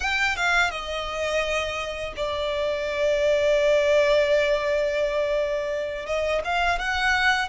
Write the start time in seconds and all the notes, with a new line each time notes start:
0.00 G5
0.36 F5
0.70 D#5
2.16 D5
6.06 D#5
6.44 F5
6.79 F#5